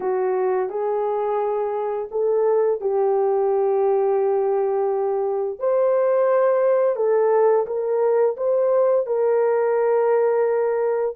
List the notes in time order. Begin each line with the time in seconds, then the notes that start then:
0.00 F#4
0.69 G#4
2.11 A4
2.81 G4
5.59 C5
6.96 A4
7.66 A#4
8.36 C5
9.06 A#4